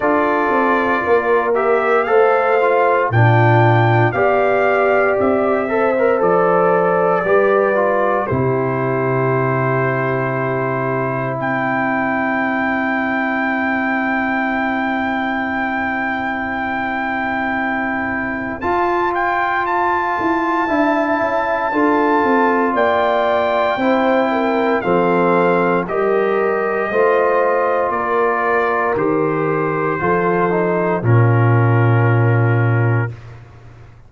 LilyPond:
<<
  \new Staff \with { instrumentName = "trumpet" } { \time 4/4 \tempo 4 = 58 d''4. e''8 f''4 g''4 | f''4 e''4 d''2 | c''2. g''4~ | g''1~ |
g''2 a''8 g''8 a''4~ | a''2 g''2 | f''4 dis''2 d''4 | c''2 ais'2 | }
  \new Staff \with { instrumentName = "horn" } { \time 4/4 a'4 ais'4 c''4 f'4 | d''4. c''4. b'4 | g'2. c''4~ | c''1~ |
c''1 | e''4 a'4 d''4 c''8 ais'8 | a'4 ais'4 c''4 ais'4~ | ais'4 a'4 f'2 | }
  \new Staff \with { instrumentName = "trombone" } { \time 4/4 f'4. g'8 a'8 f'8 d'4 | g'4. a'16 ais'16 a'4 g'8 f'8 | e'1~ | e'1~ |
e'2 f'2 | e'4 f'2 e'4 | c'4 g'4 f'2 | g'4 f'8 dis'8 cis'2 | }
  \new Staff \with { instrumentName = "tuba" } { \time 4/4 d'8 c'8 ais4 a4 ais,4 | b4 c'4 f4 g4 | c2. c'4~ | c'1~ |
c'2 f'4. e'8 | d'8 cis'8 d'8 c'8 ais4 c'4 | f4 g4 a4 ais4 | dis4 f4 ais,2 | }
>>